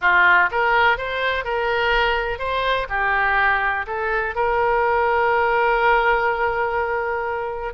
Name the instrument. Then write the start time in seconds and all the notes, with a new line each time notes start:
oboe
0.01 F4
0.51 A#4
0.97 C5
1.44 A#4
2.38 C5
2.89 G4
3.86 A4
4.35 A#4